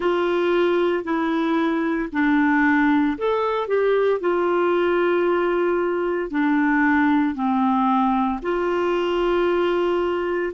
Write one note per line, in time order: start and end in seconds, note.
0.00 1.03 F4
1.03 2.09 E4
2.12 3.17 D4
3.18 3.67 A4
3.67 4.20 G4
4.20 6.30 F4
6.30 7.34 D4
7.34 8.40 C4
8.42 10.53 F4